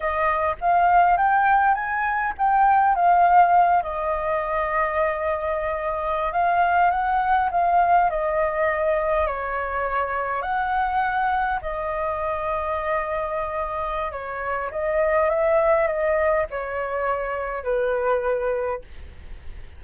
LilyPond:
\new Staff \with { instrumentName = "flute" } { \time 4/4 \tempo 4 = 102 dis''4 f''4 g''4 gis''4 | g''4 f''4. dis''4.~ | dis''2~ dis''8. f''4 fis''16~ | fis''8. f''4 dis''2 cis''16~ |
cis''4.~ cis''16 fis''2 dis''16~ | dis''1 | cis''4 dis''4 e''4 dis''4 | cis''2 b'2 | }